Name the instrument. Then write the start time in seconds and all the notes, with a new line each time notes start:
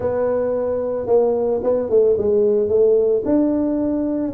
tuba
0.00 B3
1.06 A#3
1.63 B3
1.89 A3
2.17 G#3
2.68 A3
3.25 D4